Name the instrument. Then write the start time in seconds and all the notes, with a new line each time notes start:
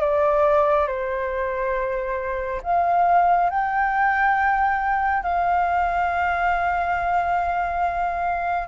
flute
0.00 D5
0.87 C5
2.62 F5
3.50 G5
5.23 F5